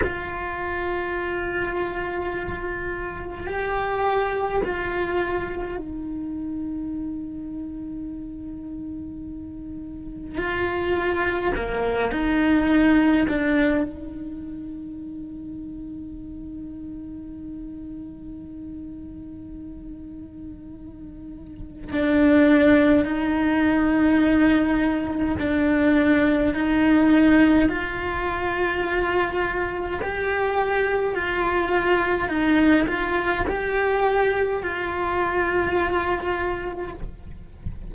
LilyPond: \new Staff \with { instrumentName = "cello" } { \time 4/4 \tempo 4 = 52 f'2. g'4 | f'4 dis'2.~ | dis'4 f'4 ais8 dis'4 d'8 | dis'1~ |
dis'2. d'4 | dis'2 d'4 dis'4 | f'2 g'4 f'4 | dis'8 f'8 g'4 f'2 | }